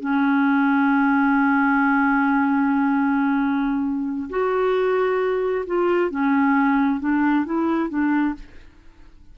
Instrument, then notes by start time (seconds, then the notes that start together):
clarinet
0.00 C#4
4.30 F#4
5.66 F4
6.10 C#4
7.00 D4
7.45 E4
7.89 D4